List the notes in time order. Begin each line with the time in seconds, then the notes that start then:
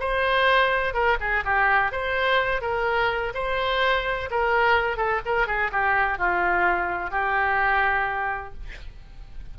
0.00 C5
0.94 A#4
1.20 G#4
1.45 G4
1.92 C5
2.62 A#4
3.34 C5
4.31 A#4
4.97 A4
5.26 A#4
5.47 G#4
5.72 G4
6.18 F4
7.11 G4